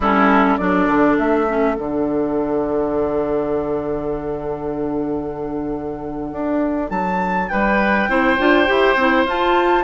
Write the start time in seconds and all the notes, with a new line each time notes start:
0.00 G3 C#4 E4 A4
0.57 F#3 D4 A4 D5
0.87 D3
1.18 A3 E5
1.48 C#4
1.75 D3 D4 F#5
6.31 D4
6.90 F#3 A5
7.48 G3 B4 G5
8.08 C4 E4 C5
8.38 D4 F4
8.66 E4 G4
8.95 C4 E4
9.24 F4 A5